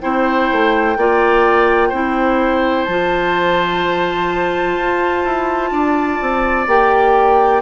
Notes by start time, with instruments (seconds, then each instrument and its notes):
0.00 bassoon C4, clarinet E4, oboe C5, flute G5
0.52 bassoon A3
0.96 bassoon A#3, clarinet F4, oboe D5
1.89 bassoon C4, clarinet E4, oboe C5
2.84 bassoon F3, clarinet F4, flute A5
4.77 bassoon F4
5.24 bassoon E4
5.71 bassoon D4, oboe D5
6.21 bassoon C4
6.67 bassoon A#3, clarinet G4, flute G5